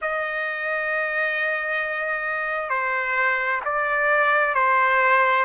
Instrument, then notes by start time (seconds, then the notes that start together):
trumpet
0.01 D#5
2.69 C5
3.64 D5
4.54 C5